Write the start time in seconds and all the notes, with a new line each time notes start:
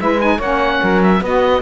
0.00 G#3 E4 B4 E5
0.21 D#4 G#5
0.36 A#3 C#5 F#5
0.42 C#4
0.82 F#3 A#4
1.03 E5
1.21 B3 F#4 D#5